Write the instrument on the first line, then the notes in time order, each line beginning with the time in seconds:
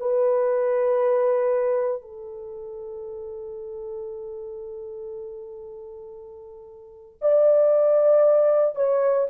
horn
0.00 B4
2.02 A4
7.22 D5
8.76 C#5